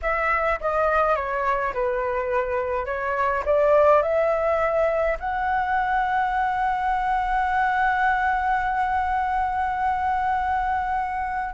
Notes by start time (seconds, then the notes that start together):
0.02 E5
0.60 D#5
1.15 C#5
1.73 B4
2.85 C#5
3.45 D5
4.02 E5
5.19 F#5